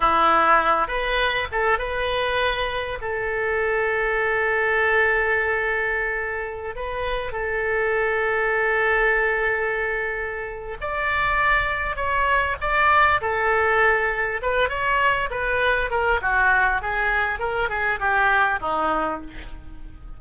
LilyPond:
\new Staff \with { instrumentName = "oboe" } { \time 4/4 \tempo 4 = 100 e'4. b'4 a'8 b'4~ | b'4 a'2.~ | a'2.~ a'16 b'8.~ | b'16 a'2.~ a'8.~ |
a'2 d''2 | cis''4 d''4 a'2 | b'8 cis''4 b'4 ais'8 fis'4 | gis'4 ais'8 gis'8 g'4 dis'4 | }